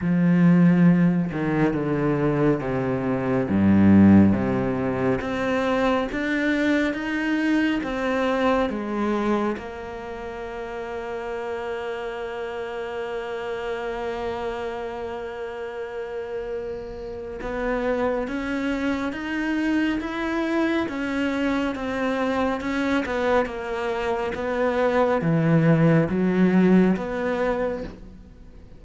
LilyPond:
\new Staff \with { instrumentName = "cello" } { \time 4/4 \tempo 4 = 69 f4. dis8 d4 c4 | g,4 c4 c'4 d'4 | dis'4 c'4 gis4 ais4~ | ais1~ |
ais1 | b4 cis'4 dis'4 e'4 | cis'4 c'4 cis'8 b8 ais4 | b4 e4 fis4 b4 | }